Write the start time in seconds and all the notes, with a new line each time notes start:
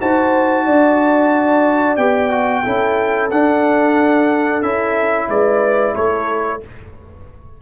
0.00 D#4 F#4 C5 A5
0.65 D4 D5
1.96 B3 G4 G5
2.30 F#4
2.63 C#4 E4 A4
3.30 D4 F#5
4.62 C#4 E4 E5
5.28 G#3 B4 D5
5.94 A3 A4 C#5